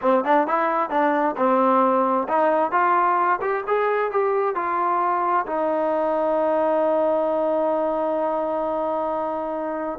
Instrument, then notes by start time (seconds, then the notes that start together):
trombone
0.01 C4
0.24 D4
0.47 E4
0.90 D4
1.36 C4
2.28 D#4
2.71 F4
3.41 G4
3.67 G#4
4.11 G4
4.55 F4
5.46 D#4